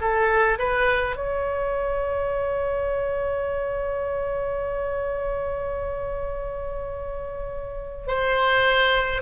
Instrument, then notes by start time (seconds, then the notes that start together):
oboe
0.00 A4
0.58 B4
1.16 C#5
8.07 C5